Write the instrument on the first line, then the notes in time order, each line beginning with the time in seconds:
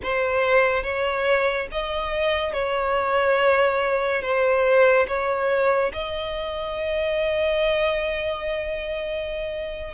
violin
0.02 C5
0.83 C#5
1.71 D#5
2.53 C#5
4.22 C5
5.07 C#5
5.93 D#5